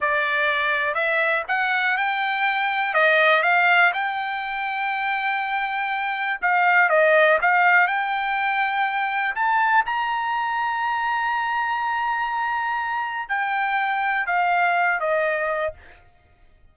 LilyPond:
\new Staff \with { instrumentName = "trumpet" } { \time 4/4 \tempo 4 = 122 d''2 e''4 fis''4 | g''2 dis''4 f''4 | g''1~ | g''4 f''4 dis''4 f''4 |
g''2. a''4 | ais''1~ | ais''2. g''4~ | g''4 f''4. dis''4. | }